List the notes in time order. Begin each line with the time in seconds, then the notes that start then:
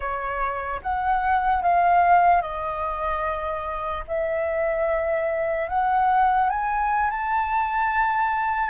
0.00 C#5
0.82 F#5
1.62 F5
2.41 D#5
4.07 E5
5.69 F#5
6.49 G#5
7.10 A5